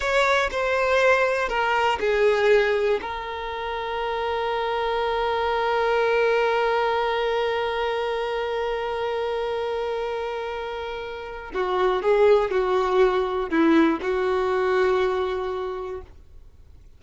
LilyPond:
\new Staff \with { instrumentName = "violin" } { \time 4/4 \tempo 4 = 120 cis''4 c''2 ais'4 | gis'2 ais'2~ | ais'1~ | ais'1~ |
ais'1~ | ais'2. fis'4 | gis'4 fis'2 e'4 | fis'1 | }